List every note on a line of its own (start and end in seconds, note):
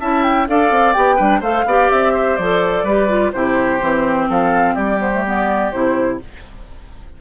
0.00 0.48 C#4
0.00 0.47 E4
0.00 0.48 E5
0.00 0.23 A5
0.23 0.47 G5
0.47 0.71 D4
0.47 0.95 A4
0.47 1.16 D5
0.47 0.93 F5
0.71 0.94 C4
0.93 1.19 B3
0.93 1.18 G4
0.93 1.40 G5
1.16 1.41 G3
1.16 1.42 D4
1.16 1.39 B4
1.40 1.64 A3
1.40 1.66 A4
1.40 1.64 C5
1.40 1.90 F5
1.65 1.89 B3
1.65 2.40 G4
1.65 2.13 D5
1.90 2.38 C4
1.90 2.36 E5
2.13 2.84 C5
2.36 2.83 F3
2.36 2.88 A4
2.36 3.31 D5
2.83 3.31 G3
2.83 3.08 G4
2.83 3.31 B4
3.08 3.32 F4
3.32 3.81 C3
3.32 3.79 E4
3.32 4.29 G4
3.32 4.27 C5
3.79 4.29 E3
3.79 4.98 C4
4.29 4.76 F3
4.29 4.75 A4
4.29 4.75 F5
4.75 5.72 G3
4.75 6.17 G4
4.75 4.99 D5
4.98 5.10 B3
4.98 5.24 C5
5.13 5.25 A3
5.26 5.73 B3
5.26 5.71 D5
5.71 6.21 C3
5.71 6.20 E4
5.71 6.19 C5